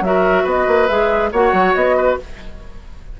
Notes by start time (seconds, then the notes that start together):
0.00 F#3 F#4 A#4 E5
0.43 B3 B4 D#5
0.67 A#3
0.88 G#3 G#4 E5
1.32 A#3 F#4 C#5 F#5
1.52 F#3
1.74 B3 D#5
1.96 B4